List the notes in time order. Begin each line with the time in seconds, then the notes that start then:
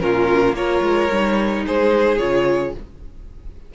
0.00 A#2 C#4 F4 A#4
0.53 A#3 F4 A#4 C#5
0.82 G#3
1.11 G3 D#4
1.65 G#3 G#4 C5
2.18 C#3 F4 C#5